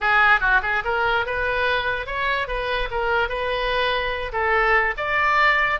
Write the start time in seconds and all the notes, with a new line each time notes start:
0.00 G#4
0.40 F#4
0.62 G#4
0.84 A#4
1.26 B4
2.06 C#5
2.47 B4
2.90 A#4
3.28 B4
4.32 A4
4.97 D5